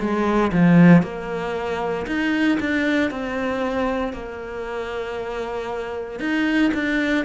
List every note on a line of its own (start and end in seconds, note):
0.00 0.52 G#3
0.53 1.03 F3
1.03 2.07 A#3
2.07 2.59 D#4
2.60 3.11 D4
3.11 4.14 C4
4.14 6.20 A#3
6.20 6.72 D#4
6.74 7.26 D4